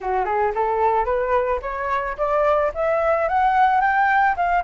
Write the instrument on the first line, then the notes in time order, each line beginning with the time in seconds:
flute
0.00 F#4
0.25 G#4
0.54 A4
1.05 B4
1.62 C#5
2.17 D5
2.74 E5
3.28 F#5
3.81 G5
4.36 F5